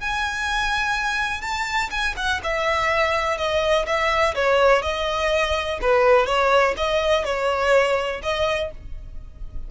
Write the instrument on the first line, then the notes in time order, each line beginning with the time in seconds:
violin
0.00 G#5
1.41 A5
1.90 G#5
2.16 F#5
2.43 E5
3.37 D#5
3.86 E5
4.35 C#5
4.82 D#5
5.81 B4
6.26 C#5
6.77 D#5
7.24 C#5
8.22 D#5